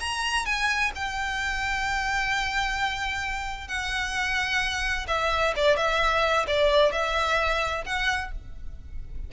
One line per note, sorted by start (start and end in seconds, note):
0.00 0.45 A#5
0.45 0.91 G#5
0.95 3.68 G5
3.68 5.06 F#5
5.07 5.54 E5
5.56 5.77 D5
5.77 6.46 E5
6.47 6.92 D5
6.92 7.84 E5
7.85 8.31 F#5